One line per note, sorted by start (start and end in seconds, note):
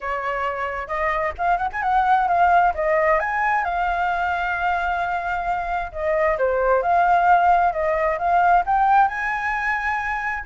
0.00 0.87 C#5
0.87 1.32 D#5
1.38 1.57 F5
1.57 1.68 F#5
1.72 1.82 G#5
1.82 2.27 F#5
2.28 2.73 F5
2.74 3.19 D#5
3.19 3.64 G#5
3.64 5.91 F5
5.92 6.37 D#5
6.38 6.82 C5
6.82 7.72 F5
7.72 8.18 D#5
8.18 8.63 F5
8.65 9.08 G5
9.08 10.44 G#5